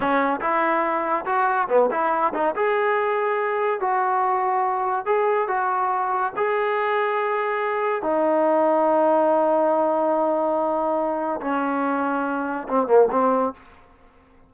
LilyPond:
\new Staff \with { instrumentName = "trombone" } { \time 4/4 \tempo 4 = 142 cis'4 e'2 fis'4 | b8 e'4 dis'8 gis'2~ | gis'4 fis'2. | gis'4 fis'2 gis'4~ |
gis'2. dis'4~ | dis'1~ | dis'2. cis'4~ | cis'2 c'8 ais8 c'4 | }